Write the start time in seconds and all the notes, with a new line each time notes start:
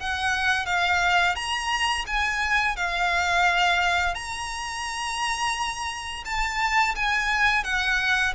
0.00 F#5
0.65 F5
1.35 A#5
2.06 G#5
2.76 F5
4.14 A#5
6.25 A5
6.95 G#5
7.64 F#5